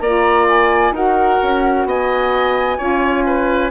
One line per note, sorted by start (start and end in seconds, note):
0.00 0.91 A#3
0.00 0.93 F4
0.00 0.94 D5
0.00 0.46 A#5
0.49 0.95 G#5
0.91 1.37 D#4
0.91 2.77 F#4
0.91 1.87 A#4
0.91 1.88 F#5
1.42 1.85 C#4
1.85 2.77 B3
1.85 2.78 D#5
1.85 3.71 G#5
2.77 3.71 C#4
2.77 3.70 F4
2.77 3.24 C#5
3.26 3.71 B4